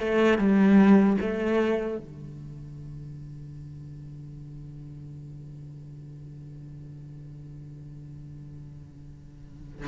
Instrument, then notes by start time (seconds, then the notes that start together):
cello
0.00 A3
0.38 G3
1.22 A3
1.98 D3